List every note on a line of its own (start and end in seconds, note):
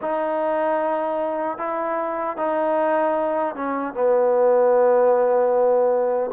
0.01 1.58 D#4
1.58 2.36 E4
2.36 3.55 D#4
3.55 3.93 C#4
3.93 6.30 B3